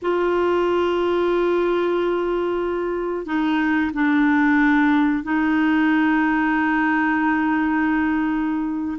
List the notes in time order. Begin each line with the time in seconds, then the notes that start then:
0.02 F4
3.25 D#4
3.93 D4
5.23 D#4